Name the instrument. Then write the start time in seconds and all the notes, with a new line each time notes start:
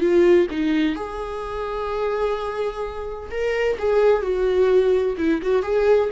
viola
0.00 F4
0.50 D#4
0.95 G#4
3.31 A#4
3.78 G#4
4.22 F#4
5.18 E4
5.41 F#4
5.62 G#4